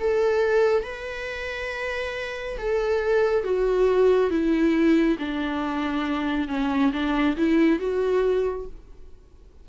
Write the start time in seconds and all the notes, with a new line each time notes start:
0.00 A4
0.83 B4
2.58 A4
3.44 F#4
4.30 E4
5.19 D4
6.48 C#4
6.93 D4
7.37 E4
7.79 F#4